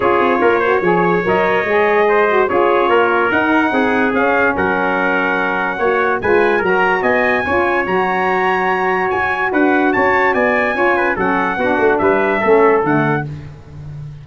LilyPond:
<<
  \new Staff \with { instrumentName = "trumpet" } { \time 4/4 \tempo 4 = 145 cis''2. dis''4~ | dis''2 cis''2 | fis''2 f''4 fis''4~ | fis''2. gis''4 |
ais''4 gis''2 ais''4~ | ais''2 gis''4 fis''4 | a''4 gis''2 fis''4~ | fis''4 e''2 fis''4 | }
  \new Staff \with { instrumentName = "trumpet" } { \time 4/4 gis'4 ais'8 c''8 cis''2~ | cis''4 c''4 gis'4 ais'4~ | ais'4 gis'2 ais'4~ | ais'2 cis''4 b'4 |
ais'4 dis''4 cis''2~ | cis''2. b'4 | cis''4 d''4 cis''8 b'8 a'4 | fis'4 b'4 a'2 | }
  \new Staff \with { instrumentName = "saxophone" } { \time 4/4 f'4. fis'8 gis'4 ais'4 | gis'4. fis'8 f'2 | dis'2 cis'2~ | cis'2 fis'4 f'4 |
fis'2 f'4 fis'4~ | fis'1~ | fis'2 f'4 cis'4 | d'2 cis'4 a4 | }
  \new Staff \with { instrumentName = "tuba" } { \time 4/4 cis'8 c'8 ais4 f4 fis4 | gis2 cis'4 ais4 | dis'4 c'4 cis'4 fis4~ | fis2 ais4 gis4 |
fis4 b4 cis'4 fis4~ | fis2 fis'4 d'4 | cis'4 b4 cis'4 fis4 | b8 a8 g4 a4 d4 | }
>>